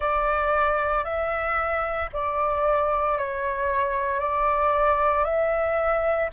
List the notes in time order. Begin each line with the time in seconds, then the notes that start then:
0.00 D5
1.04 E5
2.12 D5
3.18 C#5
4.19 D5
5.24 E5